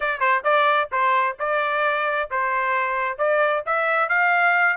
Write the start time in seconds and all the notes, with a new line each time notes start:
0.00 D5
0.20 C5
0.44 D5
0.91 C5
1.39 D5
2.30 C5
3.17 D5
3.65 E5
4.08 F5